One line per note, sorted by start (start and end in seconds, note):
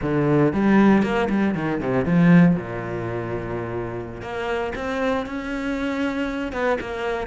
0.02 0.53 D3
0.53 1.02 G3
1.02 1.28 A#3
1.29 1.55 G3
1.55 1.80 D#3
1.80 2.05 C3
2.05 2.55 F3
2.55 4.21 A#2
4.21 4.72 A#3
4.75 5.26 C4
5.26 6.52 C#4
6.52 6.77 B3
6.80 7.27 A#3